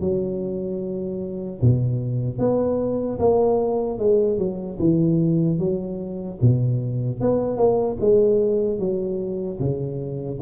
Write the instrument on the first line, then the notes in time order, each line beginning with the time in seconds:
tuba
0.00 F#3
1.61 B2
2.39 B3
3.19 A#3
3.99 G#3
4.38 F#3
4.79 E3
5.59 F#3
6.41 B2
7.20 B3
7.57 A#3
8.00 G#3
8.79 F#3
9.59 C#3